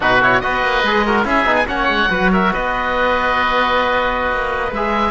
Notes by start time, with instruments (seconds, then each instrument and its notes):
0.00 cello B2, trombone D#4, oboe F#4 B4
0.22 trombone E4, oboe C#5
0.40 cello B3, trombone F#4, oboe B4 D#5
0.62 cello A#3
0.83 cello G#3, trombone G#4
1.05 trombone F#4, oboe A#4
1.24 cello C#4, trombone E4, oboe G#4 E5
1.44 cello B3, trombone D#4
1.55 oboe G#5
1.67 cello A#3, trombone C#4, oboe C#5 F#5
1.88 cello G#3
2.09 cello F#3, trombone F#4, oboe B4
2.32 oboe A#4 E5
2.52 cello B3, oboe B4 D#5
4.32 cello A#3
4.71 cello G#3, trombone G#4, oboe E5